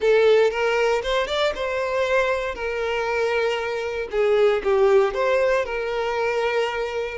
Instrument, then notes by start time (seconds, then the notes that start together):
violin
0.00 A4
0.50 A#4
1.03 C5
1.27 D5
1.55 C5
2.54 A#4
4.11 G#4
4.63 G4
5.14 C5
5.65 A#4